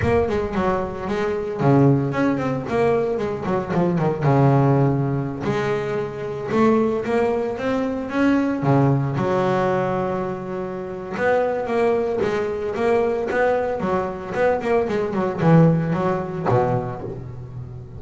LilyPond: \new Staff \with { instrumentName = "double bass" } { \time 4/4 \tempo 4 = 113 ais8 gis8 fis4 gis4 cis4 | cis'8 c'8 ais4 gis8 fis8 f8 dis8 | cis2~ cis16 gis4.~ gis16~ | gis16 a4 ais4 c'4 cis'8.~ |
cis'16 cis4 fis2~ fis8.~ | fis4 b4 ais4 gis4 | ais4 b4 fis4 b8 ais8 | gis8 fis8 e4 fis4 b,4 | }